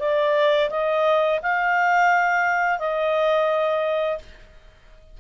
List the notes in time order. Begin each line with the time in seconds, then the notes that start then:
0.00 D5
0.70 D#5
1.42 F5
2.79 D#5